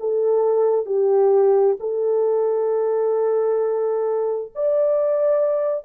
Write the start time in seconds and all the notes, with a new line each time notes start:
0.00 A4
0.86 G4
1.80 A4
4.55 D5